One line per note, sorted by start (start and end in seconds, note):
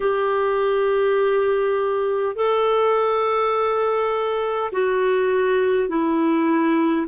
0.00 2.35 G4
2.35 4.71 A4
4.72 5.88 F#4
5.88 7.06 E4